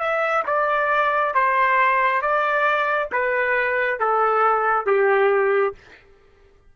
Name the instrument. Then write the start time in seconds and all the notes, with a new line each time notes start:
trumpet
0.00 E5
0.47 D5
1.35 C5
2.22 D5
3.12 B4
4.00 A4
4.86 G4